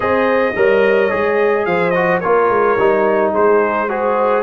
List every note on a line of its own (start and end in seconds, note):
0.00 0.54 C4
0.00 0.53 G#4
0.00 0.55 C5
0.00 1.65 D#5
0.56 1.11 G3
0.56 1.09 A#4
0.56 1.66 C#5
1.09 1.66 G#3
1.09 1.93 G#4
1.65 2.21 F3
1.65 2.20 C5
1.65 1.90 F5
1.90 2.22 F#4
1.90 2.18 D#5
2.20 2.49 A#3
2.20 2.78 F4
2.20 3.31 A#4
2.20 3.31 C#5
2.49 2.76 G#3
2.77 3.33 G3
2.77 3.88 D#4
3.31 4.43 G#3
3.31 3.86 G#4
3.31 3.89 C5
3.88 4.43 F#4
3.88 4.43 G#4
3.88 4.43 C5